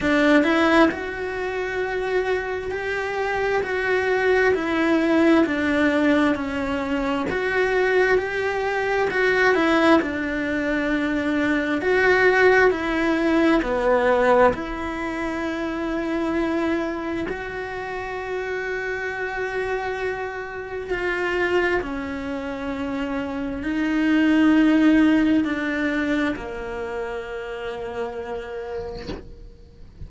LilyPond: \new Staff \with { instrumentName = "cello" } { \time 4/4 \tempo 4 = 66 d'8 e'8 fis'2 g'4 | fis'4 e'4 d'4 cis'4 | fis'4 g'4 fis'8 e'8 d'4~ | d'4 fis'4 e'4 b4 |
e'2. fis'4~ | fis'2. f'4 | cis'2 dis'2 | d'4 ais2. | }